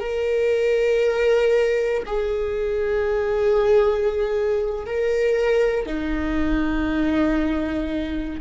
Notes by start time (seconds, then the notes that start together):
0.00 A#4
2.06 G#4
4.86 A#4
5.86 D#4